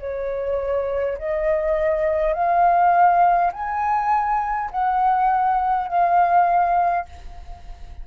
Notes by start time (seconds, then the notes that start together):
0.00 C#5
1.18 D#5
2.33 F5
3.52 G#5
4.71 F#5
5.88 F5